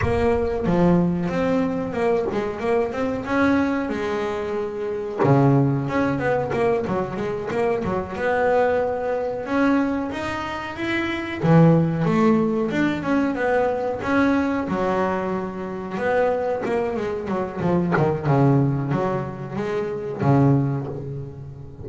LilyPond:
\new Staff \with { instrumentName = "double bass" } { \time 4/4 \tempo 4 = 92 ais4 f4 c'4 ais8 gis8 | ais8 c'8 cis'4 gis2 | cis4 cis'8 b8 ais8 fis8 gis8 ais8 | fis8 b2 cis'4 dis'8~ |
dis'8 e'4 e4 a4 d'8 | cis'8 b4 cis'4 fis4.~ | fis8 b4 ais8 gis8 fis8 f8 dis8 | cis4 fis4 gis4 cis4 | }